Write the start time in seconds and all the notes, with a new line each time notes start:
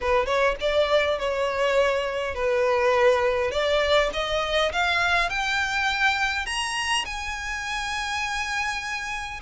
0.00 B4
0.26 C#5
0.60 D5
1.18 C#5
2.34 B4
3.51 D5
4.13 D#5
4.72 F5
5.29 G5
6.46 A#5
7.05 G#5